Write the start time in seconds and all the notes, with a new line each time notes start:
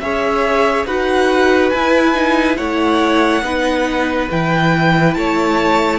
0.00 C#4 G#4 C#5 E5
0.87 D#4 F#4 B4 F#5
1.70 E4 G#5
2.14 D#4
2.57 A3 E4 C#5 F#5
3.42 B3 D#4 B4
4.31 E3 E4 G5
5.14 A3 C#5 A5